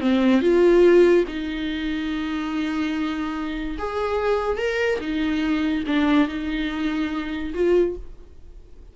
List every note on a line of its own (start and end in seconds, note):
0.00 0.41 C4
0.41 1.24 F4
1.27 3.77 D#4
3.78 4.58 G#4
4.58 4.99 A#4
5.01 5.84 D#4
5.87 6.28 D4
6.28 7.53 D#4
7.54 7.96 F4